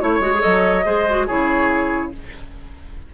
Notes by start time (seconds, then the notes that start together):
0.00 A3 E4 C#5
0.20 G#3 F#4
0.34 G#4
0.41 F#3 A4 D#5
0.85 G#3 G#4 C5
1.09 F#4
1.27 C#3 E4 G#4 C#5